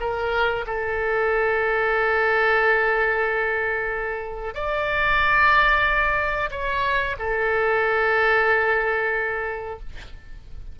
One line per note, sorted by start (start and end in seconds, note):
0.00 0.65 A#4
0.66 4.54 A4
4.54 6.50 D5
6.51 7.16 C#5
7.19 9.80 A4